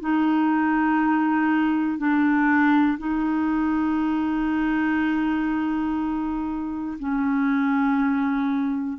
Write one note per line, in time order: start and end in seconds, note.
0.00 1.98 D#4
1.98 2.98 D4
2.98 6.98 D#4
7.00 8.99 C#4